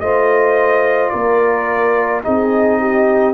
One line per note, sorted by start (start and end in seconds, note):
0.00 1.11 A3
0.00 2.23 F4
0.00 1.12 C5
0.00 1.10 D#5
1.10 2.24 A#3
1.10 2.24 A#4
1.10 2.21 D5
2.23 3.34 C4
2.23 3.34 D#4
2.23 2.80 G#4
2.23 3.34 D#5
2.80 3.34 G4